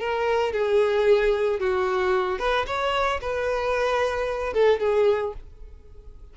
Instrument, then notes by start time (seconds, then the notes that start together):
violin
0.00 A#4
0.53 G#4
1.60 F#4
2.39 B4
2.67 C#5
3.21 B4
4.53 A4
4.80 G#4